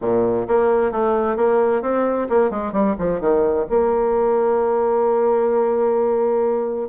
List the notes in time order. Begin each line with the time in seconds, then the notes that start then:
0.01 A#2
0.47 A#3
0.91 A3
1.36 A#3
1.82 C4
2.29 A#3
2.50 G#3
2.72 G3
2.98 F3
3.20 D#3
3.69 A#3